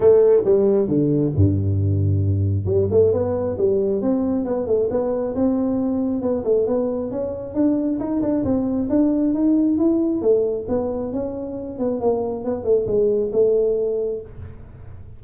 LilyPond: \new Staff \with { instrumentName = "tuba" } { \time 4/4 \tempo 4 = 135 a4 g4 d4 g,4~ | g,2 g8 a8 b4 | g4 c'4 b8 a8 b4 | c'2 b8 a8 b4 |
cis'4 d'4 dis'8 d'8 c'4 | d'4 dis'4 e'4 a4 | b4 cis'4. b8 ais4 | b8 a8 gis4 a2 | }